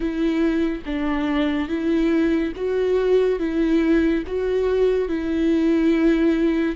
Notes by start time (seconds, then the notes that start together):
0.00 E4
0.85 D4
1.68 E4
2.55 F#4
3.39 E4
4.26 F#4
5.08 E4